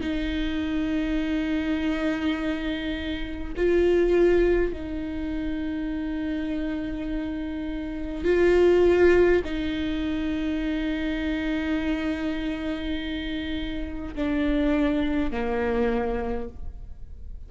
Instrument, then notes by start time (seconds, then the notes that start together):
viola
0.00 D#4
3.56 F4
4.72 D#4
8.24 F4
9.44 D#4
14.15 D4
15.31 A#3